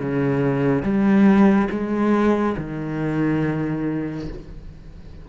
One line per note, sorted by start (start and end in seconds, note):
0.00 0.83 C#3
0.83 1.69 G3
1.70 2.56 G#3
2.58 4.29 D#3